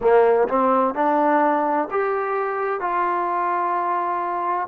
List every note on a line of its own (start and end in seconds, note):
0.00 0.47 A#3
0.48 0.94 C4
0.94 1.88 D4
1.90 2.80 G4
2.80 4.67 F4